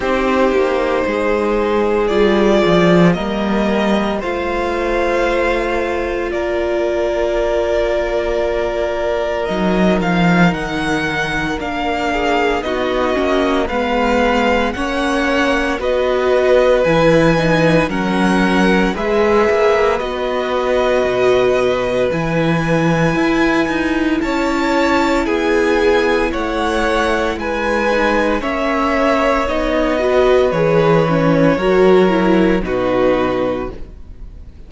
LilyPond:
<<
  \new Staff \with { instrumentName = "violin" } { \time 4/4 \tempo 4 = 57 c''2 d''4 dis''4 | f''2 d''2~ | d''4 dis''8 f''8 fis''4 f''4 | dis''4 f''4 fis''4 dis''4 |
gis''4 fis''4 e''4 dis''4~ | dis''4 gis''2 a''4 | gis''4 fis''4 gis''4 e''4 | dis''4 cis''2 b'4 | }
  \new Staff \with { instrumentName = "violin" } { \time 4/4 g'4 gis'2 ais'4 | c''2 ais'2~ | ais'2.~ ais'8 gis'8 | fis'4 b'4 cis''4 b'4~ |
b'4 ais'4 b'2~ | b'2. cis''4 | gis'4 cis''4 b'4 cis''4~ | cis''8 b'4. ais'4 fis'4 | }
  \new Staff \with { instrumentName = "viola" } { \time 4/4 dis'2 f'4 ais4 | f'1~ | f'4 dis'2 d'4 | dis'8 cis'8 b4 cis'4 fis'4 |
e'8 dis'8 cis'4 gis'4 fis'4~ | fis'4 e'2.~ | e'2~ e'8 dis'8 cis'4 | dis'8 fis'8 gis'8 cis'8 fis'8 e'8 dis'4 | }
  \new Staff \with { instrumentName = "cello" } { \time 4/4 c'8 ais8 gis4 g8 f8 g4 | a2 ais2~ | ais4 fis8 f8 dis4 ais4 | b8 ais8 gis4 ais4 b4 |
e4 fis4 gis8 ais8 b4 | b,4 e4 e'8 dis'8 cis'4 | b4 a4 gis4 ais4 | b4 e4 fis4 b,4 | }
>>